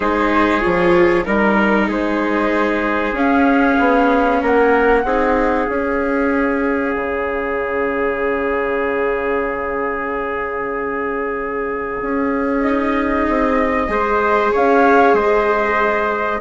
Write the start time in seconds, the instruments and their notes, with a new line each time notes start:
0.00 bassoon G#3, viola D#4, trumpet G#4, flute C5
0.60 bassoon F3, viola F4, flute C#5
1.25 bassoon G3, viola D#4, flute A#4, trumpet A#4
1.88 bassoon G#3, trumpet G#4, flute C5
3.12 bassoon C#4, viola C#4, flute F5
3.79 bassoon B3
4.41 bassoon A#3, trumpet A#4, flute F#5
5.04 bassoon C4, viola D#4, trumpet G#4
5.68 bassoon C#4, viola C#4, flute F5
6.95 bassoon C#3
12.01 bassoon C#4
12.60 viola D#4, flute D#5
13.28 bassoon C4
13.87 bassoon G#3, viola G#4, trumpet C5
14.52 bassoon C#4, trumpet C#5, flute F5
15.13 bassoon G#3, trumpet C5, flute D#5